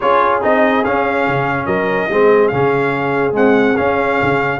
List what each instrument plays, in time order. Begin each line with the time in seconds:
0.00 tuba C#4, trombone F4, horn G#4, trumpet C#5
0.41 tuba C4, trombone D#4, trumpet D#5
0.84 trombone C#4, tuba C#4, trumpet F5
1.27 tuba C#3
1.66 tuba F#3, horn A#4, trumpet D#5
2.10 tuba G#3, trombone C4, horn G#4
2.47 tuba C#3, trombone C#4, trumpet F5
3.32 trombone G#3, tuba C4, trumpet F#5
3.76 trombone C#4, tuba C#4, trumpet F5
4.22 tuba C#3